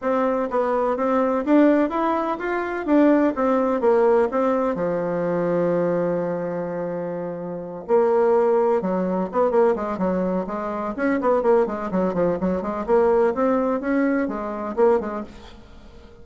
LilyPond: \new Staff \with { instrumentName = "bassoon" } { \time 4/4 \tempo 4 = 126 c'4 b4 c'4 d'4 | e'4 f'4 d'4 c'4 | ais4 c'4 f2~ | f1~ |
f8 ais2 fis4 b8 | ais8 gis8 fis4 gis4 cis'8 b8 | ais8 gis8 fis8 f8 fis8 gis8 ais4 | c'4 cis'4 gis4 ais8 gis8 | }